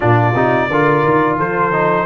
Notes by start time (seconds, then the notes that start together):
0.00 A#2 D4 F4 D5
0.34 C3 D#4
0.69 D3 F4 A#4
1.03 D#3
1.38 F3 A4 C5
1.72 D#4